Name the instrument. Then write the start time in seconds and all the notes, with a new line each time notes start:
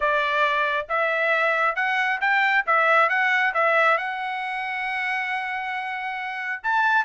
trumpet
0.00 D5
0.88 E5
1.75 F#5
2.20 G5
2.66 E5
3.09 F#5
3.54 E5
3.97 F#5
6.63 A5